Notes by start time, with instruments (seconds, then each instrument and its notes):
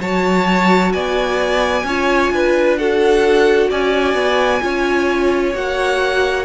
0.00 cello F#3, viola F#4, violin C#5 A5
0.92 cello B3, violin D5 G#5
1.83 cello C#4, viola F4, violin C#5
2.30 cello D4, violin B4
2.78 viola F#4, violin A4 F#5
3.69 cello C#4, violin D5 G#5
4.14 cello B3
4.61 cello C#4, viola F4, violin C#5
5.54 cello A#3, viola F#4, violin F#5